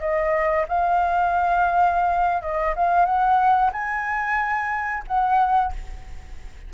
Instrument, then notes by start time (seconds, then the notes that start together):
flute
0.00 D#5
0.68 F5
2.42 D#5
2.76 F5
3.06 F#5
3.73 G#5
5.08 F#5